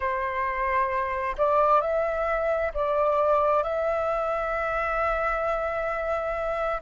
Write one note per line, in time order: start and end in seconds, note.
0.00 1.36 C5
1.37 1.81 D5
1.81 2.71 E5
2.74 3.63 D5
3.63 6.81 E5